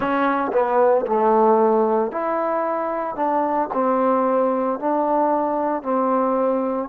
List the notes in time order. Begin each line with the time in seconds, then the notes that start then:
0.00 C#4
0.52 B3
1.06 A3
2.11 E4
3.15 D4
3.73 C4
4.79 D4
5.82 C4